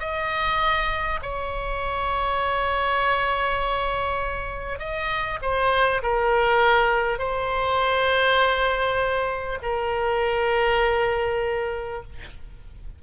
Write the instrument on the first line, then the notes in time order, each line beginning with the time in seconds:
oboe
0.00 D#5
1.22 C#5
4.79 D#5
5.42 C5
6.03 A#4
7.19 C5
9.63 A#4